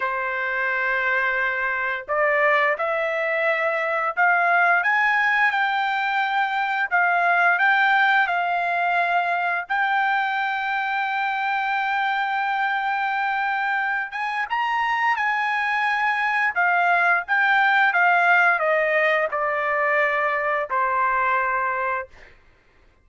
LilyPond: \new Staff \with { instrumentName = "trumpet" } { \time 4/4 \tempo 4 = 87 c''2. d''4 | e''2 f''4 gis''4 | g''2 f''4 g''4 | f''2 g''2~ |
g''1~ | g''8 gis''8 ais''4 gis''2 | f''4 g''4 f''4 dis''4 | d''2 c''2 | }